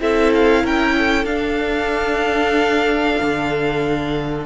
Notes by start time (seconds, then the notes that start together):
0.00 C4 E4 A4 E5
0.34 F5
0.64 C#4 A#4 G5
0.98 A4
1.25 D4 F5
3.22 D3